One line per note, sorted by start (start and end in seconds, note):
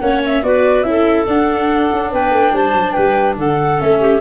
0.00 0.43 A#3
0.00 0.43 C#4
0.00 0.44 C#5
0.00 0.21 F#5
0.25 0.43 E5
0.43 0.83 B3
0.43 0.85 F#4
0.43 0.87 B4
0.43 0.83 D5
0.83 1.25 C#4
0.83 1.26 E4
0.83 1.25 E5
0.89 2.11 A4
1.26 3.78 D4
1.26 1.90 D4
1.26 2.12 F#5
1.92 2.12 C#4
2.11 2.30 B3
2.11 2.53 B4
2.11 2.55 G5
2.30 2.51 A3
2.52 2.73 G3
2.52 2.93 C5
2.52 2.92 A5
2.73 2.94 F#3
2.92 3.36 G3
2.92 3.35 B4
2.92 3.34 G5
3.36 3.78 D3
3.36 4.00 A4
3.36 3.80 F#5
3.78 4.20 A3
3.78 4.19 C#4
3.78 4.20 E5
4.00 4.20 G4